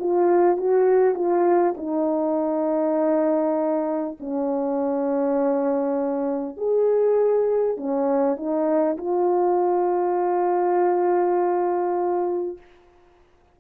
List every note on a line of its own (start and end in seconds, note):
0.00 0.58 F4
0.58 1.15 F#4
1.15 1.75 F4
1.78 4.18 D#4
4.21 6.58 C#4
6.58 7.78 G#4
7.78 8.37 C#4
8.37 8.97 D#4
8.98 12.58 F4